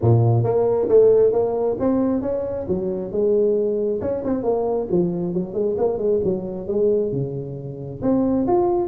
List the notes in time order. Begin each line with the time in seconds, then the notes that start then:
0.01 A#2
0.43 A#3
0.88 A3
1.32 A#3
1.79 C4
2.21 C#4
2.67 F#3
3.11 G#3
4.01 C#4
4.24 C4
4.43 A#3
4.91 F3
5.33 F#3
5.53 G#3
5.77 A#3
5.98 G#3
6.24 F#3
6.67 G#3
7.12 C#3
8.02 C4
8.47 F4